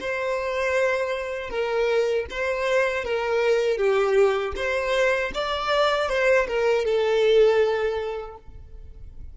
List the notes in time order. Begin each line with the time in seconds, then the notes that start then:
0.00 C5
1.49 A#4
2.30 C5
3.04 A#4
3.77 G4
4.56 C5
5.34 D5
6.09 C5
6.47 A#4
6.85 A4